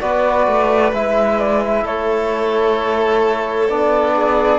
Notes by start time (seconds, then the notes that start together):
0.00 B3 F#4 B4 D5
0.47 A3
0.92 G#3 E4 E5
1.39 D5
1.64 E5
1.83 A3 A4 C#5
3.68 B3 D4 D5
4.15 G#4